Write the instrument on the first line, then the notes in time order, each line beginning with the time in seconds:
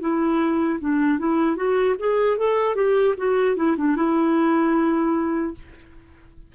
clarinet
0.00 E4
0.80 D4
1.19 E4
1.56 F#4
1.99 G#4
2.38 A4
2.75 G4
3.17 F#4
3.56 E4
3.77 D4
3.96 E4